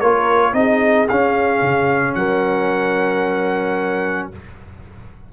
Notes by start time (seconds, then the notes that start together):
0.00 A#3 F4 A#4 C#5
0.54 C4 D#4 G#4 D#5
1.09 C#4 F5
1.62 C#3
2.15 F#3 A#4 F#5